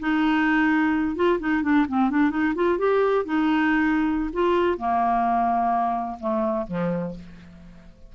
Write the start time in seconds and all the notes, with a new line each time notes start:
0.00 D#4
1.16 F4
1.40 D#4
1.63 D4
1.89 C4
2.11 D4
2.31 D#4
2.55 F4
2.79 G4
3.25 D#4
4.34 F4
4.78 A#3
6.20 A3
6.68 F3